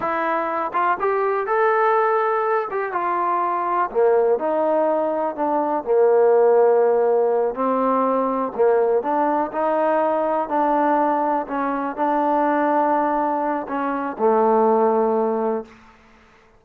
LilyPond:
\new Staff \with { instrumentName = "trombone" } { \time 4/4 \tempo 4 = 123 e'4. f'8 g'4 a'4~ | a'4. g'8 f'2 | ais4 dis'2 d'4 | ais2.~ ais8 c'8~ |
c'4. ais4 d'4 dis'8~ | dis'4. d'2 cis'8~ | cis'8 d'2.~ d'8 | cis'4 a2. | }